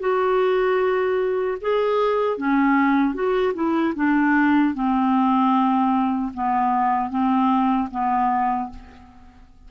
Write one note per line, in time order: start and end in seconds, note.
0.00 1.58 F#4
1.61 2.38 G#4
2.38 3.14 C#4
3.14 3.54 F#4
3.55 3.94 E4
3.96 4.74 D4
4.74 6.32 C4
6.34 7.10 B3
7.10 7.89 C4
7.91 8.70 B3